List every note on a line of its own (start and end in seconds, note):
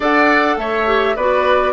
0.00 0.56 D4
0.00 0.86 A4
0.00 0.55 D5
0.00 0.58 F#5
0.56 1.15 A3
0.56 1.16 C#5
0.56 1.16 E5
0.86 1.15 G4
1.16 1.73 B3
1.16 1.73 F#4
1.16 1.73 B4
1.16 1.73 D5